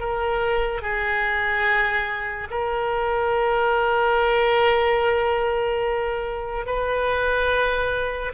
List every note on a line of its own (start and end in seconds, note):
0.00 0.82 A#4
0.82 2.48 G#4
2.50 6.66 A#4
6.66 8.33 B4